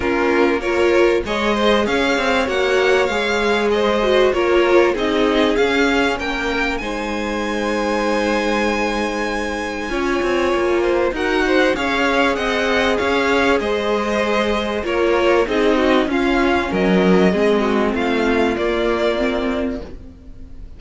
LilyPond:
<<
  \new Staff \with { instrumentName = "violin" } { \time 4/4 \tempo 4 = 97 ais'4 cis''4 dis''4 f''4 | fis''4 f''4 dis''4 cis''4 | dis''4 f''4 g''4 gis''4~ | gis''1~ |
gis''2 fis''4 f''4 | fis''4 f''4 dis''2 | cis''4 dis''4 f''4 dis''4~ | dis''4 f''4 d''2 | }
  \new Staff \with { instrumentName = "violin" } { \time 4/4 f'4 ais'4 cis''8 c''8 cis''4~ | cis''2 c''4 ais'4 | gis'2 ais'4 c''4~ | c''1 |
cis''4. c''8 ais'8 c''8 cis''4 | dis''4 cis''4 c''2 | ais'4 gis'8 fis'8 f'4 ais'4 | gis'8 fis'8 f'2. | }
  \new Staff \with { instrumentName = "viola" } { \time 4/4 cis'4 f'4 gis'2 | fis'4 gis'4. fis'8 f'4 | dis'4 cis'2 dis'4~ | dis'1 |
f'2 fis'4 gis'4~ | gis'1 | f'4 dis'4 cis'2 | c'2 ais4 c'4 | }
  \new Staff \with { instrumentName = "cello" } { \time 4/4 ais2 gis4 cis'8 c'8 | ais4 gis2 ais4 | c'4 cis'4 ais4 gis4~ | gis1 |
cis'8 c'8 ais4 dis'4 cis'4 | c'4 cis'4 gis2 | ais4 c'4 cis'4 fis4 | gis4 a4 ais2 | }
>>